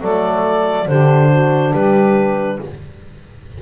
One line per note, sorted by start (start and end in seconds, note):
0.00 0.87 F#3
0.00 0.86 A3
0.00 0.86 A4
0.00 0.88 D5
0.86 1.73 D3
0.86 2.62 D4
0.86 1.29 G4
0.86 1.74 C5
1.30 1.73 F#4
1.73 2.59 G3
1.73 2.59 G4
1.73 2.60 B4